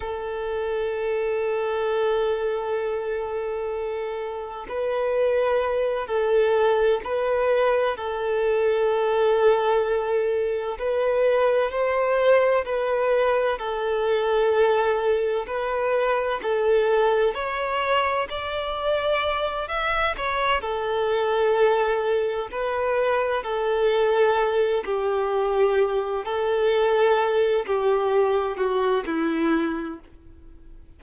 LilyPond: \new Staff \with { instrumentName = "violin" } { \time 4/4 \tempo 4 = 64 a'1~ | a'4 b'4. a'4 b'8~ | b'8 a'2. b'8~ | b'8 c''4 b'4 a'4.~ |
a'8 b'4 a'4 cis''4 d''8~ | d''4 e''8 cis''8 a'2 | b'4 a'4. g'4. | a'4. g'4 fis'8 e'4 | }